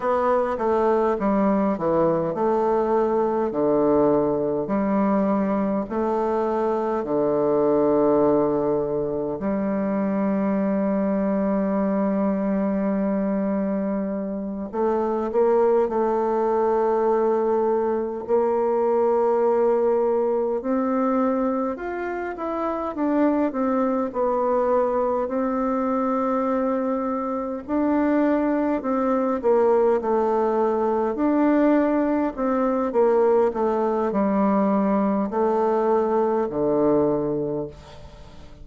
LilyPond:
\new Staff \with { instrumentName = "bassoon" } { \time 4/4 \tempo 4 = 51 b8 a8 g8 e8 a4 d4 | g4 a4 d2 | g1~ | g8 a8 ais8 a2 ais8~ |
ais4. c'4 f'8 e'8 d'8 | c'8 b4 c'2 d'8~ | d'8 c'8 ais8 a4 d'4 c'8 | ais8 a8 g4 a4 d4 | }